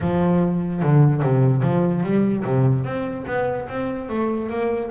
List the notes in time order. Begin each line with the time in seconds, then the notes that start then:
0.00 F3
0.82 D3
1.21 C3
1.62 F3
2.03 G3
2.44 C3
2.84 C4
3.27 B3
3.68 C4
4.09 A3
4.49 A#3